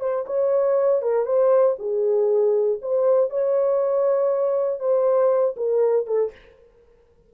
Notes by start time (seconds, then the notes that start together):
0.00 C5
0.27 C#5
1.02 A#4
1.26 C5
1.79 G#4
2.82 C5
3.30 C#5
4.80 C5
5.56 A#4
6.06 A4